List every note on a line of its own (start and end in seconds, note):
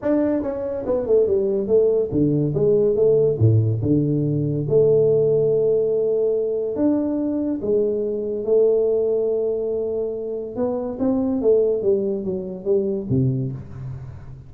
0.02 0.42 D4
0.42 0.85 C#4
0.86 1.06 B3
1.06 1.27 A3
1.27 1.67 G3
1.67 2.09 A3
2.11 2.53 D3
2.54 2.95 G#3
2.95 3.37 A3
3.39 3.81 A2
3.82 4.66 D3
4.68 6.76 A3
6.76 7.60 D4
7.61 8.44 G#3
8.44 10.56 A3
10.56 10.98 B3
10.99 11.41 C4
11.41 11.82 A3
11.82 12.24 G3
12.24 12.64 F#3
12.64 13.07 G3
13.09 13.51 C3